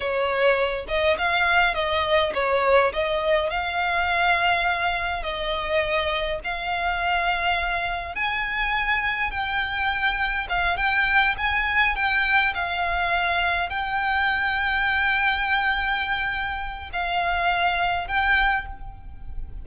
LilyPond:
\new Staff \with { instrumentName = "violin" } { \time 4/4 \tempo 4 = 103 cis''4. dis''8 f''4 dis''4 | cis''4 dis''4 f''2~ | f''4 dis''2 f''4~ | f''2 gis''2 |
g''2 f''8 g''4 gis''8~ | gis''8 g''4 f''2 g''8~ | g''1~ | g''4 f''2 g''4 | }